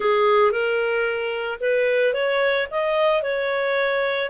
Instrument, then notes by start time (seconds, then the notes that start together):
clarinet
0.00 G#4
0.51 A#4
1.60 B4
2.13 C#5
2.71 D#5
3.22 C#5